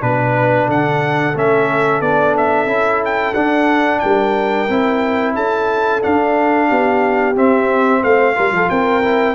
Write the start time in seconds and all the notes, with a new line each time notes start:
0.00 B2 D4 B4
0.67 D3 A4 F#5
1.35 A3 C#4 E5
2.01 B3 D4 D5
2.37 E5
2.66 C#4 E4
3.05 G5
3.34 D4 F#5
3.99 G3 A#4 G5
4.69 C4 E4
5.35 C#4 A4 A5
6.02 D4 F5
6.68 B3 G4
7.35 C4 E5
8.00 A3 C5 F5
8.35 G3 F4 A#4
8.51 F3 A4
8.69 C4 A#4 G5
9.02 E4